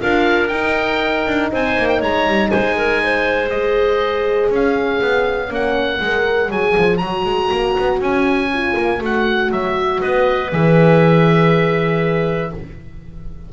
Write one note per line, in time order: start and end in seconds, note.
0.00 0.51 D4
0.00 0.50 F4
0.00 1.52 A#4
0.00 0.48 F5
0.48 1.26 D#4
0.48 3.51 D#4
0.48 1.48 G5
1.27 1.52 D4
1.52 1.77 C4
1.52 2.00 C5
1.52 1.88 G#5
1.78 2.02 A#3
1.88 2.01 G5
2.00 2.27 G#3
2.00 2.50 C#5
2.00 2.51 A#5
2.27 2.52 G3
2.51 4.50 G#3
2.51 2.76 C5
2.51 3.50 G#5
2.77 3.02 A#4
3.04 4.52 C5
3.50 5.49 G#4
3.50 4.50 D#5
4.50 5.00 C#4
4.50 10.01 C#5
4.50 5.54 F5
5.01 5.50 B3
5.49 6.00 A#3
5.49 5.99 C#4
5.49 6.52 F#5
6.01 6.51 G#3
6.01 6.49 A#4
6.49 6.76 F#3
6.49 6.99 G#4
6.49 6.98 G#5
6.77 7.01 F3
6.98 7.25 F#3
6.98 8.51 F#4
6.98 7.98 A#5
7.25 7.50 G#3
7.52 7.77 A#3
7.79 7.99 B3
7.99 8.74 C#4
7.99 9.03 G#5
8.53 8.99 F4
8.77 9.01 A#3
8.99 9.51 A3
8.99 10.49 F#4
9.05 9.52 F#5
9.51 10.01 F#3
9.51 10.01 E5
10.01 10.52 B3
10.01 12.51 B4
10.01 10.51 D#5
10.52 12.52 E3
10.52 12.52 G#4
10.52 12.53 E5